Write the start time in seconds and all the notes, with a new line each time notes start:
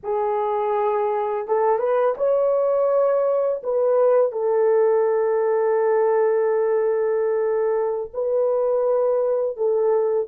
0.03 G#4
1.47 A4
1.78 B4
2.17 C#5
3.63 B4
4.31 A4
8.13 B4
9.56 A4